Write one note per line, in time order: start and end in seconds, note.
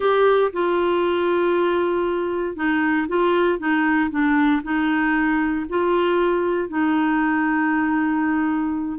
0.00 0.51 G4
0.52 2.56 F4
2.56 3.07 D#4
3.08 3.59 F4
3.59 4.10 D#4
4.10 4.62 D4
4.63 5.65 D#4
5.69 6.69 F4
6.69 8.98 D#4